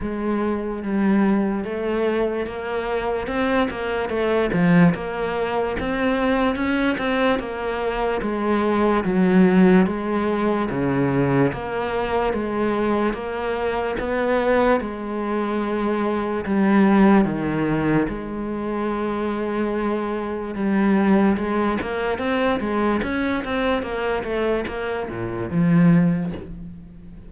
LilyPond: \new Staff \with { instrumentName = "cello" } { \time 4/4 \tempo 4 = 73 gis4 g4 a4 ais4 | c'8 ais8 a8 f8 ais4 c'4 | cis'8 c'8 ais4 gis4 fis4 | gis4 cis4 ais4 gis4 |
ais4 b4 gis2 | g4 dis4 gis2~ | gis4 g4 gis8 ais8 c'8 gis8 | cis'8 c'8 ais8 a8 ais8 ais,8 f4 | }